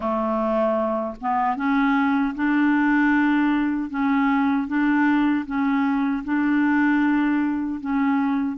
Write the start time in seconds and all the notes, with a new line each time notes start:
0.00 A3
1.21 B3
1.56 C#4
2.35 D4
3.90 C#4
4.67 D4
5.45 C#4
6.24 D4
7.80 C#4